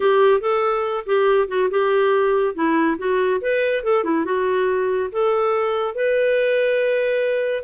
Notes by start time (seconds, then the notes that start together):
0.00 G4
0.40 A4
1.06 G4
1.47 F#4
1.70 G4
2.54 E4
2.98 F#4
3.41 B4
3.83 A4
4.04 E4
4.24 F#4
5.12 A4
5.95 B4